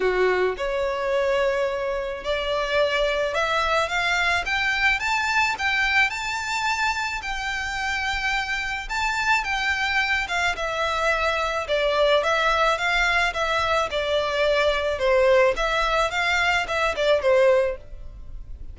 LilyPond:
\new Staff \with { instrumentName = "violin" } { \time 4/4 \tempo 4 = 108 fis'4 cis''2. | d''2 e''4 f''4 | g''4 a''4 g''4 a''4~ | a''4 g''2. |
a''4 g''4. f''8 e''4~ | e''4 d''4 e''4 f''4 | e''4 d''2 c''4 | e''4 f''4 e''8 d''8 c''4 | }